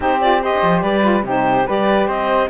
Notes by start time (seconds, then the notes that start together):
0.00 C4 D#4 G4 C5
0.21 F4 D5
0.41 G4 C5 D#5
0.53 D4
0.62 F3
0.82 G3 B4 D5
1.02 F4
1.22 C3 D#4 G4 C5
1.66 G3 G4 B4 D5
2.07 C4 C5 D#5